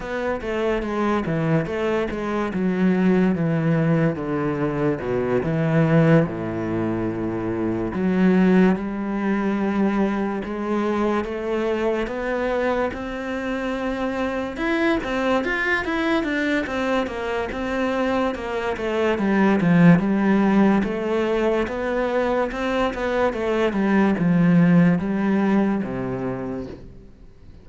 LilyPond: \new Staff \with { instrumentName = "cello" } { \time 4/4 \tempo 4 = 72 b8 a8 gis8 e8 a8 gis8 fis4 | e4 d4 b,8 e4 a,8~ | a,4. fis4 g4.~ | g8 gis4 a4 b4 c'8~ |
c'4. e'8 c'8 f'8 e'8 d'8 | c'8 ais8 c'4 ais8 a8 g8 f8 | g4 a4 b4 c'8 b8 | a8 g8 f4 g4 c4 | }